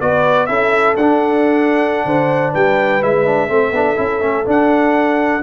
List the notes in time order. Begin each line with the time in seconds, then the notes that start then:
0.00 B3 F#4 B4 D5
0.46 C#4 E4 A4 E5
0.96 D4 F#5
2.05 D3 C5
2.52 G3 B4 G5
3.02 G#3 E4 E5
3.26 D4
3.49 A3 C4 A4
3.71 B3 D4
3.96 C#4 E4
4.20 A3 C#4
4.45 D4 F#5